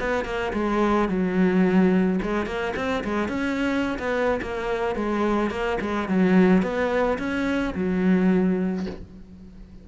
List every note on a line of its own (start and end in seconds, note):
0.00 0.25 B3
0.25 0.53 A#3
0.53 1.09 G#3
1.09 2.20 F#3
2.22 2.46 G#3
2.46 2.74 A#3
2.76 3.04 C4
3.04 3.28 G#3
3.28 3.98 C#4
3.99 4.40 B3
4.42 4.96 A#3
4.96 5.50 G#3
5.50 5.78 A#3
5.81 6.08 G#3
6.08 6.62 F#3
6.62 7.18 B3
7.18 7.74 C#4
7.75 8.86 F#3